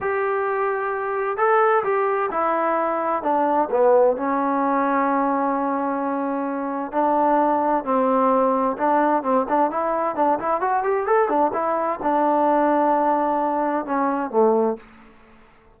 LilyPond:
\new Staff \with { instrumentName = "trombone" } { \time 4/4 \tempo 4 = 130 g'2. a'4 | g'4 e'2 d'4 | b4 cis'2.~ | cis'2. d'4~ |
d'4 c'2 d'4 | c'8 d'8 e'4 d'8 e'8 fis'8 g'8 | a'8 d'8 e'4 d'2~ | d'2 cis'4 a4 | }